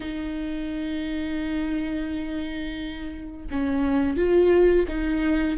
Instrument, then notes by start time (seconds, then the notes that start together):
viola
0.00 D#4
3.50 C#4
4.16 F4
4.88 D#4